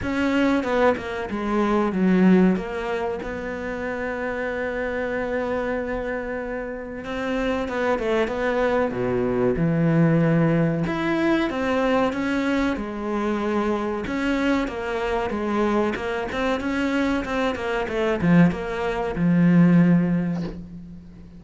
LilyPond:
\new Staff \with { instrumentName = "cello" } { \time 4/4 \tempo 4 = 94 cis'4 b8 ais8 gis4 fis4 | ais4 b2.~ | b2. c'4 | b8 a8 b4 b,4 e4~ |
e4 e'4 c'4 cis'4 | gis2 cis'4 ais4 | gis4 ais8 c'8 cis'4 c'8 ais8 | a8 f8 ais4 f2 | }